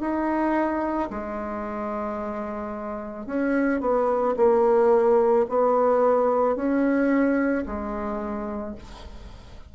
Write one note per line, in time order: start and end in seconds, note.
0.00 1.09 D#4
1.10 3.26 G#3
3.26 3.80 C#4
3.80 4.35 B3
4.36 5.45 A#3
5.49 6.56 B3
6.56 7.65 C#4
7.66 8.75 G#3